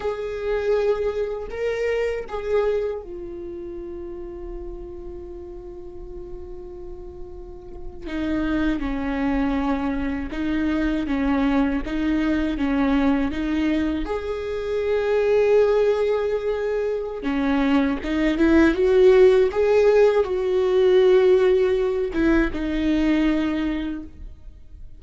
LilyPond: \new Staff \with { instrumentName = "viola" } { \time 4/4 \tempo 4 = 80 gis'2 ais'4 gis'4 | f'1~ | f'2~ f'8. dis'4 cis'16~ | cis'4.~ cis'16 dis'4 cis'4 dis'16~ |
dis'8. cis'4 dis'4 gis'4~ gis'16~ | gis'2. cis'4 | dis'8 e'8 fis'4 gis'4 fis'4~ | fis'4. e'8 dis'2 | }